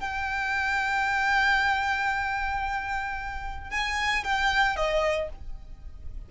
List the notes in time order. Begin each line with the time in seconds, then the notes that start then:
0.00 G5
3.71 G#5
4.24 G5
4.76 D#5